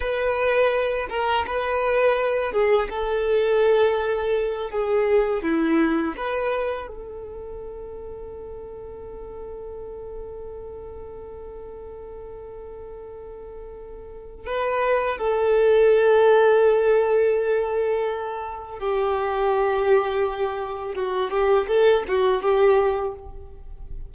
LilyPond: \new Staff \with { instrumentName = "violin" } { \time 4/4 \tempo 4 = 83 b'4. ais'8 b'4. gis'8 | a'2~ a'8 gis'4 e'8~ | e'8 b'4 a'2~ a'8~ | a'1~ |
a'1 | b'4 a'2.~ | a'2 g'2~ | g'4 fis'8 g'8 a'8 fis'8 g'4 | }